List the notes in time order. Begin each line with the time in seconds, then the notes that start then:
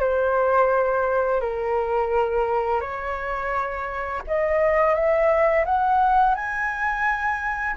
0.00 C5
1.41 A#4
2.81 C#5
4.27 D#5
4.94 E5
5.65 F#5
6.35 G#5